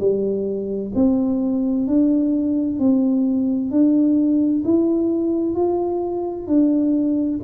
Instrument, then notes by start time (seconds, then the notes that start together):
tuba
0.00 G3
0.95 C4
1.87 D4
2.79 C4
3.71 D4
4.65 E4
5.55 F4
6.47 D4